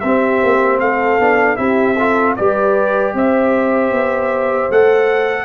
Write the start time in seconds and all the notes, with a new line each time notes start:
0.00 C4 G4 E5
0.43 A#3
0.80 A3 A4 F5
1.19 B3 D4
1.56 C4 E4 G4 E5
1.97 F4 A4
2.36 G3 G4 B4 D5
3.14 C4 C5 E5
3.91 B3
4.70 A3 A4 F#5